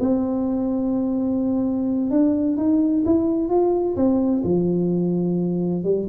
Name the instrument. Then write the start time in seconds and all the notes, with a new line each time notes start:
tuba
0.00 C4
2.10 D4
2.57 D#4
3.05 E4
3.49 F4
3.96 C4
4.44 F3
5.84 G3